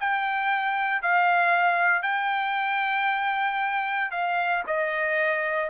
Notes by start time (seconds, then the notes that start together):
0.00 G5
1.02 F5
2.03 G5
4.11 F5
4.67 D#5